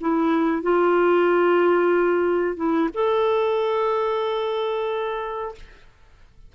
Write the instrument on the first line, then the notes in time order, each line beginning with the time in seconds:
clarinet
0.00 E4
0.62 F4
2.56 E4
2.93 A4